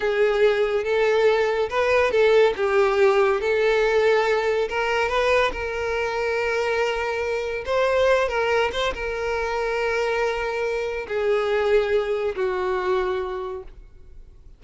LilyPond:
\new Staff \with { instrumentName = "violin" } { \time 4/4 \tempo 4 = 141 gis'2 a'2 | b'4 a'4 g'2 | a'2. ais'4 | b'4 ais'2.~ |
ais'2 c''4. ais'8~ | ais'8 c''8 ais'2.~ | ais'2 gis'2~ | gis'4 fis'2. | }